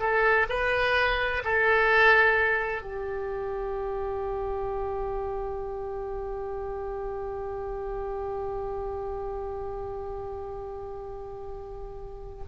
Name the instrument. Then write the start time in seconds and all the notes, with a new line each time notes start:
oboe
0.00 A4
0.49 B4
1.45 A4
2.83 G4